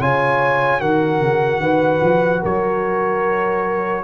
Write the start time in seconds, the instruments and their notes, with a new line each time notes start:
0.00 tuba C#3, trombone F4, horn C#5, trumpet G#5
0.80 tuba D#3, trombone F#4, horn A#4, trumpet F#5
1.20 tuba C#3
1.59 tuba D#3, horn B4
2.02 tuba F3
2.41 tuba F#3, horn A#4, trumpet C#5